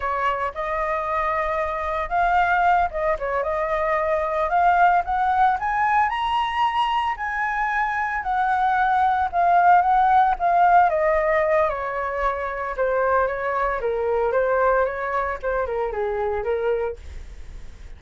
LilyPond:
\new Staff \with { instrumentName = "flute" } { \time 4/4 \tempo 4 = 113 cis''4 dis''2. | f''4. dis''8 cis''8 dis''4.~ | dis''8 f''4 fis''4 gis''4 ais''8~ | ais''4. gis''2 fis''8~ |
fis''4. f''4 fis''4 f''8~ | f''8 dis''4. cis''2 | c''4 cis''4 ais'4 c''4 | cis''4 c''8 ais'8 gis'4 ais'4 | }